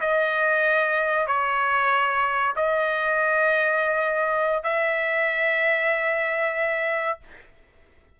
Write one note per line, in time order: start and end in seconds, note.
0.00 1.26 D#5
1.26 2.54 C#5
2.55 4.63 D#5
4.63 7.18 E5